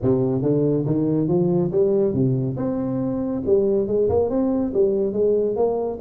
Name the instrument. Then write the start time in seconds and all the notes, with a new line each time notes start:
tuba
0.02 C3
0.42 D3
0.86 D#3
1.28 F3
1.71 G3
2.13 C3
2.56 C4
3.45 G3
3.87 G#3
4.09 A#3
4.29 C4
4.73 G3
5.13 G#3
5.56 A#3